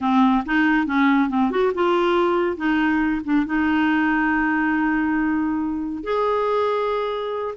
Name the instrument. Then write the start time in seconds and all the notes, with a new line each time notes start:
clarinet
0.00 C4
0.45 D#4
0.86 C#4
1.29 C4
1.50 F#4
1.74 F4
2.56 D#4
3.24 D4
3.46 D#4
6.03 G#4